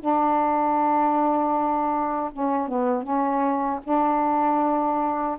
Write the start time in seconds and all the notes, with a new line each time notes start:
0.00 D4
2.33 C#4
2.68 B3
3.03 C#4
3.84 D4